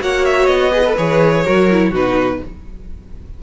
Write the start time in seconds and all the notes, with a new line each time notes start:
0.00 A#3 F#4 C#5 F#5
0.25 E5
0.46 B3 D#5
0.71 G#4 B4
0.86 A4
0.97 E3 G#4 C#5
1.45 F#3 F#4 A#4
1.71 E4
1.91 B2 D#4 F#4 B4